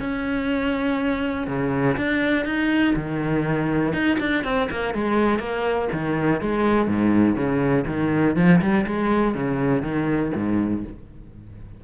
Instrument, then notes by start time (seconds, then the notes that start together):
cello
0.00 C#4
1.47 C#3
1.96 D4
2.45 D#4
2.96 D#3
3.93 D#4
4.19 D4
4.44 C4
4.70 A#3
4.94 G#3
5.39 A#3
5.92 D#3
6.41 G#3
6.87 G#2
7.35 C#3
7.87 D#3
8.36 F3
8.61 G3
8.86 G#3
9.34 C#3
9.82 D#3
10.35 G#2